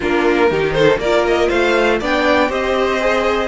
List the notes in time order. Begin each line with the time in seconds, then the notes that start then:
0.00 A#3 D4 F4 A#4
0.50 D#3 D#4 G4
0.72 A4 C5
0.97 A#3 A#4 D5
1.03 F4
1.27 D#5
1.49 A3 C5 F5
2.00 B3 D4 D5 G5
2.49 C4 G4 C5 D#5
3.00 G#4